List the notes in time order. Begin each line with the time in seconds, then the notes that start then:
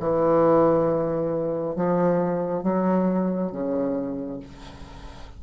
0.00 E3
1.76 F3
2.64 F#3
3.52 C#3